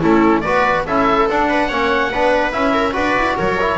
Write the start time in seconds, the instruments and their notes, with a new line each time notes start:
0.00 double bass A3, trombone C#4, viola E4, oboe A4
0.40 double bass B3, trombone F#4, viola B4, oboe D5
0.86 double bass C#4, trombone E4, viola A4, oboe E5
1.29 double bass D4, trombone D4, oboe F#5
1.49 viola B4
1.68 double bass A#3, trombone C#4, viola C#5
2.11 double bass B3, trombone D4, viola B4
2.52 double bass C#4, trombone E4, oboe E5
2.73 viola A#4
2.92 double bass D4, trombone F#4, viola B4, oboe D5
3.16 double bass E4
3.36 double bass F#3, viola A#4, oboe C#5
3.60 trombone E4